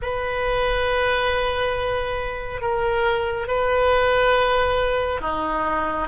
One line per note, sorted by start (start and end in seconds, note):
0.02 2.61 B4
2.61 3.47 A#4
3.47 5.21 B4
5.21 6.08 D#4